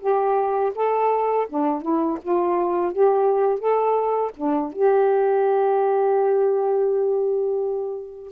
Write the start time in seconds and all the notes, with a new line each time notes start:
0.00 G4
0.75 A4
1.49 D4
1.82 E4
2.22 F4
2.93 G4
3.59 A4
4.37 D4
4.73 G4